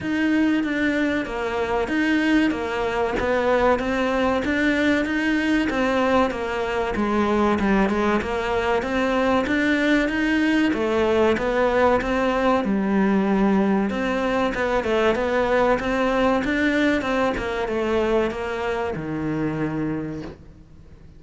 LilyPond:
\new Staff \with { instrumentName = "cello" } { \time 4/4 \tempo 4 = 95 dis'4 d'4 ais4 dis'4 | ais4 b4 c'4 d'4 | dis'4 c'4 ais4 gis4 | g8 gis8 ais4 c'4 d'4 |
dis'4 a4 b4 c'4 | g2 c'4 b8 a8 | b4 c'4 d'4 c'8 ais8 | a4 ais4 dis2 | }